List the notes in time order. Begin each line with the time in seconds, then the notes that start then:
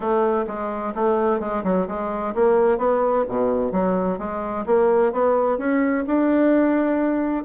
0.00 A3
0.47 G#3
0.95 A3
1.40 G#3
1.63 F#3
1.87 G#3
2.34 A#3
2.77 B3
3.28 B2
3.72 F#3
4.18 G#3
4.66 A#3
5.12 B3
5.58 C#4
6.06 D4